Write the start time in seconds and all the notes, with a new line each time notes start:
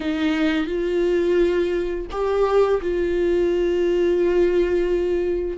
0.00 D#4
0.66 F4
2.11 G4
2.81 F4